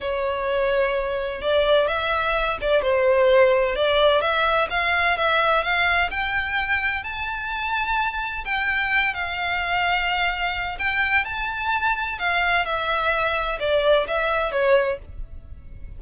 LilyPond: \new Staff \with { instrumentName = "violin" } { \time 4/4 \tempo 4 = 128 cis''2. d''4 | e''4. d''8 c''2 | d''4 e''4 f''4 e''4 | f''4 g''2 a''4~ |
a''2 g''4. f''8~ | f''2. g''4 | a''2 f''4 e''4~ | e''4 d''4 e''4 cis''4 | }